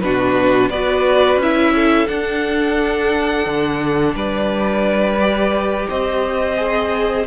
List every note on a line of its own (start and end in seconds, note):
0.00 0.69 B2
0.00 0.71 D4
0.00 0.69 F#4
0.00 0.69 B4
0.69 1.36 B3
0.69 1.42 F#4
0.69 1.73 B4
0.69 1.39 D5
1.36 2.05 C#4
1.36 2.07 E4
1.36 2.07 E5
1.75 4.15 A4
2.07 5.17 D4
2.07 3.46 D4
2.07 4.14 F#5
3.46 4.14 D3
4.14 5.87 G3
4.14 5.88 B4
4.14 5.88 D5
5.20 6.56 G4
5.89 7.26 C4
5.89 7.26 C5
5.89 7.26 D#5
6.56 7.25 G#4